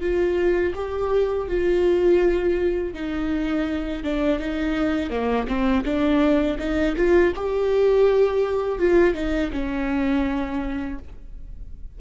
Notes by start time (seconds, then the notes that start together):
0.00 F4
0.75 G4
1.47 F4
2.93 D#4
4.03 D4
4.39 D#4
5.10 A#3
5.47 C4
5.84 D4
6.59 D#4
6.96 F4
7.35 G4
8.78 F4
9.14 D#4
9.52 C#4